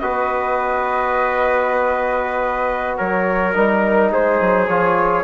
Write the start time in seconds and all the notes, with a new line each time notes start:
0.00 B3 F#4 B4 D#5
2.98 F#3 A#4 C#5
3.54 G3 D#4 A#4
4.12 G#3 G#4 C5
4.41 F#3
4.68 F3 F4 C#5